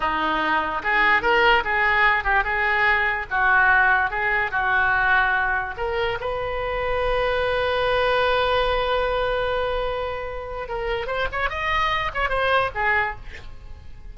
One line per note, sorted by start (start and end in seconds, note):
0.00 0.82 D#4
0.83 1.22 G#4
1.22 1.63 A#4
1.64 2.24 G#4
2.24 2.44 G4
2.44 3.26 G#4
3.30 4.10 F#4
4.10 4.51 G#4
4.51 5.74 F#4
5.77 6.18 A#4
6.20 10.68 B4
10.68 11.07 A#4
11.07 11.27 C5
11.32 11.49 C#5
11.49 12.11 D#5
12.13 12.29 C#5
12.29 12.70 C5
12.74 13.15 G#4